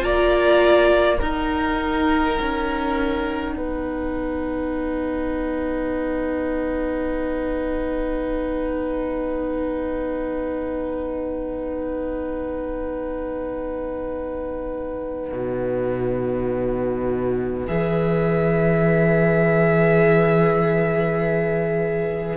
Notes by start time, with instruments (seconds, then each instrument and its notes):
0.00 cello A#3, viola F4, violin D5 A#5
1.19 cello D#4, viola D#4, violin A#4 F#5
2.41 cello C#4
3.56 cello B3, violin B4
15.32 cello B2
17.67 cello E3, viola G#4, violin E5